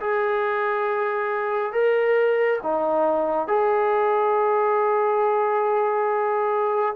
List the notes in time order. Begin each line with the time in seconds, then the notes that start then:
0.00 G#4
1.72 A#4
2.63 D#4
3.47 G#4